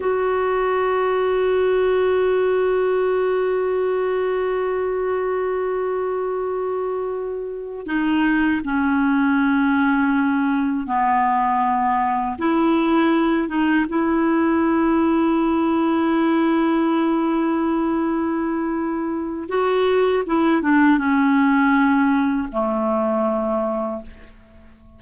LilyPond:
\new Staff \with { instrumentName = "clarinet" } { \time 4/4 \tempo 4 = 80 fis'1~ | fis'1~ | fis'2~ fis'8 dis'4 cis'8~ | cis'2~ cis'8 b4.~ |
b8 e'4. dis'8 e'4.~ | e'1~ | e'2 fis'4 e'8 d'8 | cis'2 a2 | }